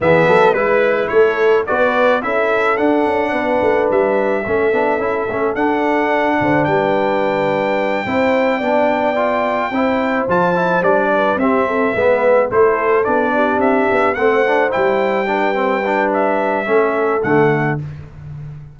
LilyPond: <<
  \new Staff \with { instrumentName = "trumpet" } { \time 4/4 \tempo 4 = 108 e''4 b'4 cis''4 d''4 | e''4 fis''2 e''4~ | e''2 fis''2 | g''1~ |
g''2~ g''8 a''4 d''8~ | d''8 e''2 c''4 d''8~ | d''8 e''4 fis''4 g''4.~ | g''4 e''2 fis''4 | }
  \new Staff \with { instrumentName = "horn" } { \time 4/4 gis'8 a'8 b'4 a'4 b'4 | a'2 b'2 | a'2.~ a'8 c''8 | b'2~ b'8 c''4 d''8~ |
d''4. c''2~ c''8 | b'8 g'8 a'8 b'4 a'4. | g'4. c''2 b'8~ | b'2 a'2 | }
  \new Staff \with { instrumentName = "trombone" } { \time 4/4 b4 e'2 fis'4 | e'4 d'2. | cis'8 d'8 e'8 cis'8 d'2~ | d'2~ d'8 e'4 d'8~ |
d'8 f'4 e'4 f'8 e'8 d'8~ | d'8 c'4 b4 e'4 d'8~ | d'4. c'8 d'8 e'4 d'8 | c'8 d'4. cis'4 a4 | }
  \new Staff \with { instrumentName = "tuba" } { \time 4/4 e8 fis8 gis4 a4 b4 | cis'4 d'8 cis'8 b8 a8 g4 | a8 b8 cis'8 a8 d'4. d8 | g2~ g8 c'4 b8~ |
b4. c'4 f4 g8~ | g8 c'4 gis4 a4 b8~ | b8 c'8 b8 a4 g4.~ | g2 a4 d4 | }
>>